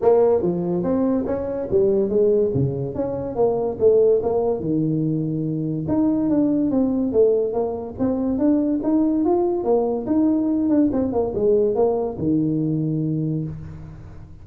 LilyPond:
\new Staff \with { instrumentName = "tuba" } { \time 4/4 \tempo 4 = 143 ais4 f4 c'4 cis'4 | g4 gis4 cis4 cis'4 | ais4 a4 ais4 dis4~ | dis2 dis'4 d'4 |
c'4 a4 ais4 c'4 | d'4 dis'4 f'4 ais4 | dis'4. d'8 c'8 ais8 gis4 | ais4 dis2. | }